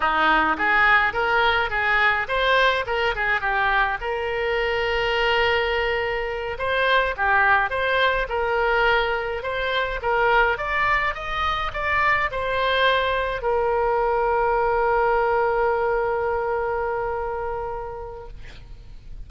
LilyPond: \new Staff \with { instrumentName = "oboe" } { \time 4/4 \tempo 4 = 105 dis'4 gis'4 ais'4 gis'4 | c''4 ais'8 gis'8 g'4 ais'4~ | ais'2.~ ais'8 c''8~ | c''8 g'4 c''4 ais'4.~ |
ais'8 c''4 ais'4 d''4 dis''8~ | dis''8 d''4 c''2 ais'8~ | ais'1~ | ais'1 | }